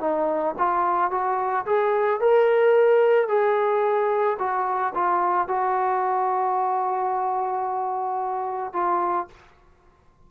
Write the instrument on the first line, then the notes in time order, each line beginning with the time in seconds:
trombone
0.00 D#4
0.58 F4
1.11 F#4
1.66 G#4
2.20 A#4
3.28 G#4
4.39 F#4
4.94 F4
5.48 F#4
8.73 F4